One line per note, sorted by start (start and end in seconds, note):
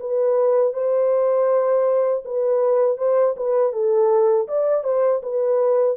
0.00 0.74 B4
0.74 2.24 C5
2.25 2.98 B4
2.98 3.35 C5
3.36 3.73 B4
3.73 4.48 A4
4.48 4.84 D5
4.84 5.22 C5
5.23 5.97 B4